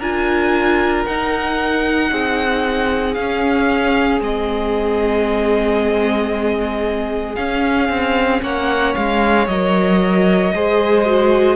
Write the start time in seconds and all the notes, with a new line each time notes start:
0.00 D4 F4 A#4 G#5
1.06 D#4 F#5
2.12 C4 G#4
3.14 C#4 F5
4.21 G#3 C4 D#5
7.36 C#4 F5
7.89 C4
8.42 A#3 C#5 F#5
8.95 G#3 F5
9.48 F#3 A#4 D#5
10.54 G#3 G#4 C5
11.06 F#4